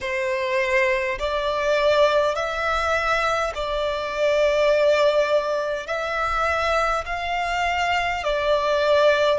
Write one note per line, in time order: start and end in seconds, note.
0.00 1.18 C5
1.18 2.35 D5
2.35 3.52 E5
3.55 5.87 D5
5.87 7.04 E5
7.05 8.23 F5
8.24 9.39 D5